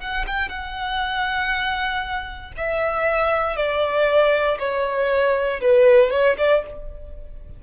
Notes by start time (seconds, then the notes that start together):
0.00 F#5
0.27 G5
0.49 F#5
2.57 E5
3.57 D5
4.59 C#5
5.61 B4
6.11 C#5
6.38 D5